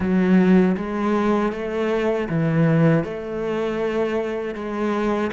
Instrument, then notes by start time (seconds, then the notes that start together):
cello
0.00 F#3
0.76 G#3
1.52 A3
2.29 E3
3.04 A3
4.54 G#3